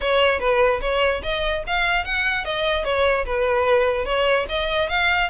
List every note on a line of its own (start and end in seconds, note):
0.00 0.39 C#5
0.39 0.80 B4
0.81 1.22 C#5
1.22 1.63 D#5
1.66 2.05 F5
2.05 2.44 F#5
2.44 2.84 D#5
2.84 3.25 C#5
3.25 4.05 B4
4.05 4.45 C#5
4.48 4.89 D#5
4.89 5.30 F5